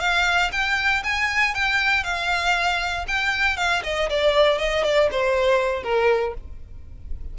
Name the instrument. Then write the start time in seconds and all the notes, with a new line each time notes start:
violin
0.00 F5
0.52 G5
1.04 G#5
1.54 G5
2.04 F5
3.07 G5
3.57 F5
3.83 D#5
4.10 D5
4.59 D#5
4.84 D5
5.11 C5
5.83 A#4